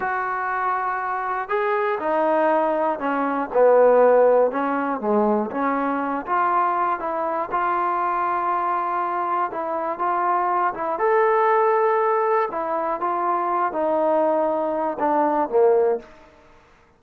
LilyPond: \new Staff \with { instrumentName = "trombone" } { \time 4/4 \tempo 4 = 120 fis'2. gis'4 | dis'2 cis'4 b4~ | b4 cis'4 gis4 cis'4~ | cis'8 f'4. e'4 f'4~ |
f'2. e'4 | f'4. e'8 a'2~ | a'4 e'4 f'4. dis'8~ | dis'2 d'4 ais4 | }